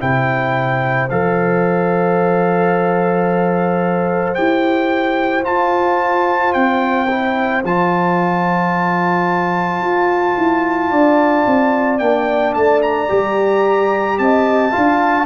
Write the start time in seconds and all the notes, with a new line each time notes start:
0.00 C3 E4 C5 G5
1.10 F3 A4 F5
4.35 E4 G4 G5
5.44 F4 A5
6.53 C4 G5
7.09 E4
7.64 F3 F4 A5
9.81 F4
10.37 E4
10.90 D4 D5
11.46 C4
11.99 A#3 D4 G5
12.54 A3 A5
12.82 A#5
13.09 G3 G4
14.18 C4 D#5 A5
14.72 D4 F4 F5